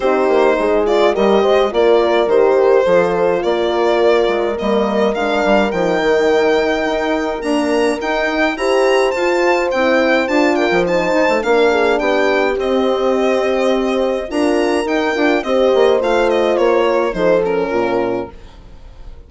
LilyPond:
<<
  \new Staff \with { instrumentName = "violin" } { \time 4/4 \tempo 4 = 105 c''4. d''8 dis''4 d''4 | c''2 d''2 | dis''4 f''4 g''2~ | g''4 ais''4 g''4 ais''4 |
a''4 g''4 a''8 g''8 a''4 | f''4 g''4 dis''2~ | dis''4 ais''4 g''4 dis''4 | f''8 dis''8 cis''4 c''8 ais'4. | }
  \new Staff \with { instrumentName = "horn" } { \time 4/4 g'4 gis'4 ais'8 c''8 ais'4~ | ais'4 a'4 ais'2~ | ais'1~ | ais'2. c''4~ |
c''2~ c''8 ais'8 c''4 | ais'8 gis'8 g'2.~ | g'4 ais'2 c''4~ | c''4. ais'8 a'4 f'4 | }
  \new Staff \with { instrumentName = "horn" } { \time 4/4 dis'4. f'8 g'4 f'4 | g'4 f'2. | ais4 d'4 dis'2~ | dis'4 ais4 dis'4 g'4 |
f'4 e'4 f'4 dis'4 | d'2 c'2~ | c'4 f'4 dis'8 f'8 g'4 | f'2 dis'8 cis'4. | }
  \new Staff \with { instrumentName = "bassoon" } { \time 4/4 c'8 ais8 gis4 g8 gis8 ais4 | dis4 f4 ais4. gis8 | g4 gis8 g8 f8 dis4. | dis'4 d'4 dis'4 e'4 |
f'4 c'4 d'8. f8. dis'16 a16 | ais4 b4 c'2~ | c'4 d'4 dis'8 d'8 c'8 ais8 | a4 ais4 f4 ais,4 | }
>>